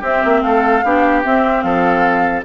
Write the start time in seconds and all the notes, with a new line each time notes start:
0.00 C4 G4 E5
0.25 A#3
0.42 A3 A4 F5
0.84 B3 D4 G4
1.24 C4 E5
1.61 F3 A4 F5